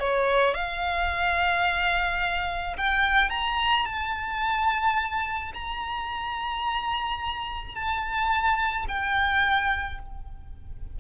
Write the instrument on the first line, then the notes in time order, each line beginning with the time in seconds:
violin
0.00 C#5
0.55 F5
2.77 G5
3.30 A#5
3.86 A5
5.54 A#5
7.75 A5
8.88 G5